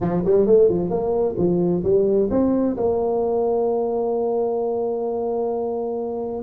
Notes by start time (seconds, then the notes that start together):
0.00 F3
0.25 G3
0.46 A3
0.69 F3
0.89 A#3
1.37 F3
1.83 G3
2.30 C4
2.76 A#3